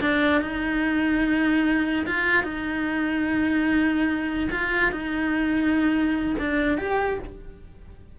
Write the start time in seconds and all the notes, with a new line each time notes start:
0.00 D4
0.41 D#4
2.06 F4
2.43 D#4
4.51 F4
4.91 D#4
6.39 D4
6.78 G4